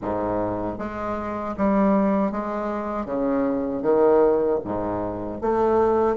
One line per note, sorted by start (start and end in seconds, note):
0.01 0.78 G#2
0.78 1.55 G#3
1.57 2.31 G3
2.31 3.05 G#3
3.05 3.82 C#3
3.82 4.59 D#3
4.64 5.41 G#2
5.41 6.16 A3